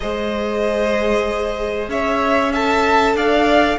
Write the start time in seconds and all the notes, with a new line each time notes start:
0.00 G#3 G#4 C5 D#5
1.88 C#4 C#5 E5
2.52 A4 E5 A5
3.14 D4 D5 F5